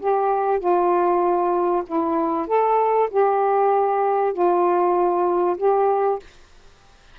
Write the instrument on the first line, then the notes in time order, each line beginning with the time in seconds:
saxophone
0.00 G4
0.60 F4
1.86 E4
2.47 A4
3.11 G4
4.33 F4
5.58 G4